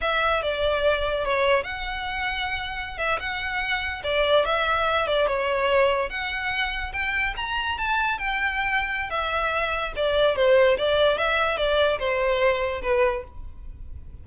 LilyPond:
\new Staff \with { instrumentName = "violin" } { \time 4/4 \tempo 4 = 145 e''4 d''2 cis''4 | fis''2.~ fis''16 e''8 fis''16~ | fis''4.~ fis''16 d''4 e''4~ e''16~ | e''16 d''8 cis''2 fis''4~ fis''16~ |
fis''8. g''4 ais''4 a''4 g''16~ | g''2 e''2 | d''4 c''4 d''4 e''4 | d''4 c''2 b'4 | }